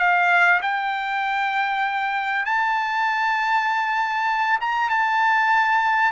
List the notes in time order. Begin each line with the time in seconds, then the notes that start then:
0.00 F5
0.62 G5
2.46 A5
4.61 A#5
4.90 A5